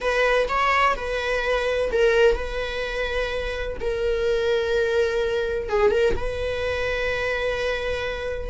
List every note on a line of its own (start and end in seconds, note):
0.00 0.48 B4
0.48 0.95 C#5
0.96 1.90 B4
1.92 2.35 A#4
2.35 3.77 B4
3.80 5.69 A#4
5.69 5.91 G#4
5.91 6.14 A#4
6.16 8.49 B4